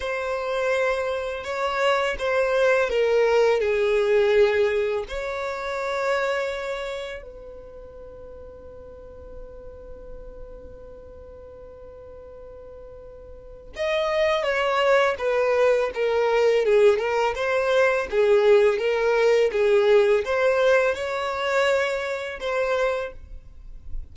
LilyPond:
\new Staff \with { instrumentName = "violin" } { \time 4/4 \tempo 4 = 83 c''2 cis''4 c''4 | ais'4 gis'2 cis''4~ | cis''2 b'2~ | b'1~ |
b'2. dis''4 | cis''4 b'4 ais'4 gis'8 ais'8 | c''4 gis'4 ais'4 gis'4 | c''4 cis''2 c''4 | }